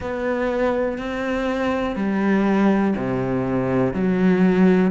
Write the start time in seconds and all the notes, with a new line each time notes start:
0.00 B3
0.97 C4
1.95 G3
2.96 C3
3.93 F#3